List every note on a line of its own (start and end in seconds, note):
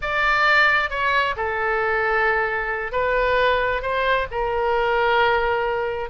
0.01 0.90 D5
0.90 1.35 C#5
1.36 2.92 A4
2.92 3.81 B4
3.81 4.27 C5
4.31 6.09 A#4